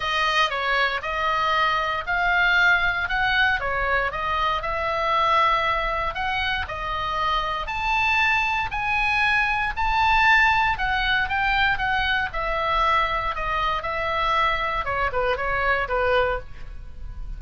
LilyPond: \new Staff \with { instrumentName = "oboe" } { \time 4/4 \tempo 4 = 117 dis''4 cis''4 dis''2 | f''2 fis''4 cis''4 | dis''4 e''2. | fis''4 dis''2 a''4~ |
a''4 gis''2 a''4~ | a''4 fis''4 g''4 fis''4 | e''2 dis''4 e''4~ | e''4 cis''8 b'8 cis''4 b'4 | }